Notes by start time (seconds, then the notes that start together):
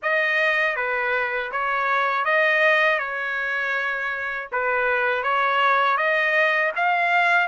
0.02 D#5
0.76 B4
1.51 C#5
2.24 D#5
2.99 C#5
4.52 B4
5.23 C#5
5.97 D#5
6.76 F5